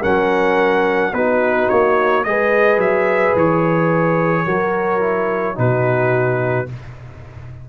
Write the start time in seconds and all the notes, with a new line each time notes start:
0.00 F#3 C#4 A#4 F#5
1.12 B3 D#4 F#4 B4
1.69 A#3 C#5
2.23 G#3 G#4 B4 D#5
2.77 F#3 E5
3.35 E3 C#5
4.46 F#3 F#4 A#4
5.00 E4
5.55 B2 D#4 F#4 B4